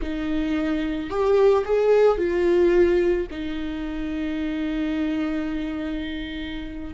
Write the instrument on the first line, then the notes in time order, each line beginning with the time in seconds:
viola
0.01 D#4
1.09 G4
1.64 G#4
2.17 F4
3.30 D#4